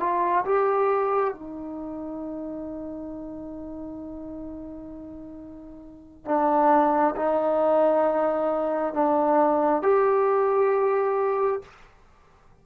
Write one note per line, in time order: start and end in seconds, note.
0.00 0.45 F4
0.45 1.34 G4
1.34 6.25 D#4
6.25 7.15 D4
7.16 8.93 D#4
8.93 9.83 D4
9.83 11.62 G4